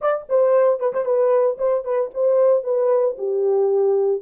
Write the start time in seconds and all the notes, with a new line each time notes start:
0.01 D5
0.29 C5
0.79 B4
0.93 C5
1.05 B4
1.58 C5
1.84 B4
2.13 C5
2.63 B4
3.18 G4